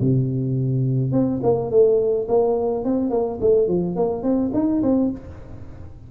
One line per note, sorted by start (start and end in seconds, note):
0.00 1.12 C3
1.12 1.40 C4
1.43 1.70 A#3
1.70 2.27 A3
2.28 2.84 A#3
2.84 3.10 C4
3.10 3.39 A#3
3.41 3.67 A3
3.67 3.95 F3
3.95 4.22 A#3
4.22 4.51 C4
4.53 4.82 D#4
4.82 5.10 C4